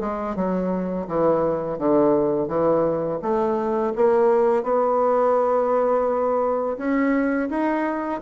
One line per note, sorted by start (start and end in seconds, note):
0.00 0.36 G#3
0.36 1.07 F#3
1.07 1.78 E3
1.78 2.48 D3
2.48 3.19 E3
3.22 3.93 A3
3.96 4.63 A#3
4.63 6.77 B3
6.78 7.49 C#4
7.50 8.21 D#4